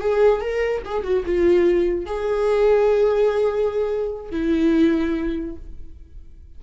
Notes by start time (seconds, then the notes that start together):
0.00 G#4
0.41 A#4
0.85 G#4
1.03 F#4
1.25 F4
2.06 G#4
4.31 E4